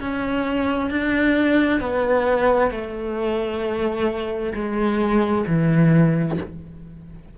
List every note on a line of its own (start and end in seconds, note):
0.00 0.90 C#4
0.90 1.80 D4
1.80 2.71 B3
2.71 4.53 A3
4.54 5.45 G#3
5.47 6.38 E3